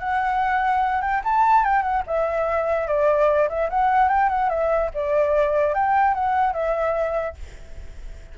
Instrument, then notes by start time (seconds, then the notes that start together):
flute
0.00 F#5
1.02 G5
1.25 A5
1.65 G5
1.83 F#5
2.07 E5
2.88 D5
3.49 E5
3.70 F#5
4.09 G5
4.30 F#5
4.50 E5
4.94 D5
5.75 G5
6.15 F#5
6.54 E5